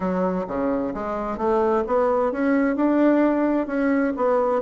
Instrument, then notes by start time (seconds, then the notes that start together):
bassoon
0.00 F#3
0.47 C#3
0.94 G#3
1.37 A3
1.87 B3
2.31 C#4
2.76 D4
3.67 C#4
4.16 B3